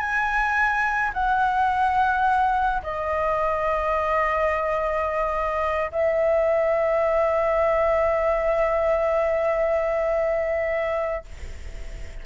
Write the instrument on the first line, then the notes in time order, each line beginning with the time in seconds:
flute
0.00 G#5
1.14 F#5
2.83 D#5
5.92 E5